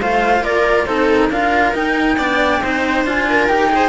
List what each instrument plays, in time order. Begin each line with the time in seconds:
0.00 cello A3 F4, viola C5, flute F5
0.41 cello A#3, viola A#4, flute D5
0.86 cello C4 D#4, viola A4, flute C5
1.12 flute A#4
1.30 cello D4 F4, viola A#4, flute F5
1.74 cello D#4, flute G5
2.17 cello B3 D4, viola D5
2.61 cello C4 D#4, viola C5
3.05 cello D4 F4, flute G#5
3.29 viola A#4
3.48 cello D#4 G4, flute G5
3.69 cello G#4, viola C5